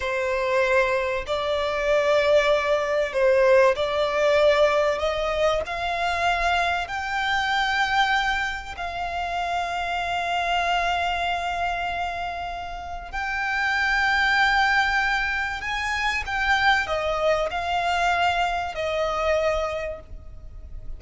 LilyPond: \new Staff \with { instrumentName = "violin" } { \time 4/4 \tempo 4 = 96 c''2 d''2~ | d''4 c''4 d''2 | dis''4 f''2 g''4~ | g''2 f''2~ |
f''1~ | f''4 g''2.~ | g''4 gis''4 g''4 dis''4 | f''2 dis''2 | }